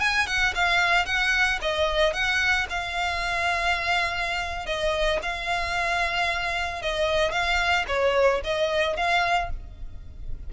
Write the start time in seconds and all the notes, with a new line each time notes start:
0.00 G#5
0.27 F#5
0.55 F5
1.05 F#5
1.61 D#5
2.13 F#5
2.70 F5
4.66 D#5
5.22 F5
6.82 D#5
7.32 F5
7.87 C#5
8.44 D#5
8.96 F5